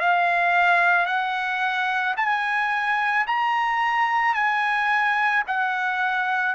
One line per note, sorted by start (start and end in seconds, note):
0.00 1.06 F5
1.06 2.15 F#5
2.17 3.26 G#5
3.27 4.34 A#5
4.34 5.43 G#5
5.48 6.56 F#5